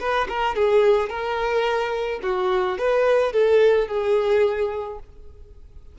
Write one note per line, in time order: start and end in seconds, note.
0.00 0.28 B4
0.29 0.56 A#4
0.56 1.10 G#4
1.10 2.21 A#4
2.23 2.79 F#4
2.79 3.33 B4
3.33 3.88 A4
3.88 4.99 G#4